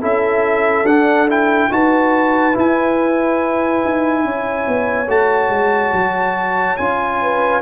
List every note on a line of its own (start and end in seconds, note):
0.00 0.83 C#4
0.00 0.86 E4
0.00 1.69 A4
0.00 0.86 E5
0.83 1.68 D4
0.83 1.29 D4
0.83 1.29 F#5
1.29 1.70 E4
1.29 1.72 G5
1.70 2.55 D#4
1.70 2.53 F#4
1.70 4.26 B4
1.70 2.57 A5
2.53 5.07 E4
2.53 3.84 E4
2.53 5.10 G#5
3.85 4.24 D#4
4.24 4.67 C#4
4.24 7.22 C#5
4.68 5.08 B3
5.08 5.50 A3
5.08 6.77 F#4
5.08 6.77 A5
5.50 5.92 G#3
5.93 6.77 F#3
6.77 7.61 C#4
6.77 7.61 F4
6.77 7.61 G#5
7.22 7.61 B4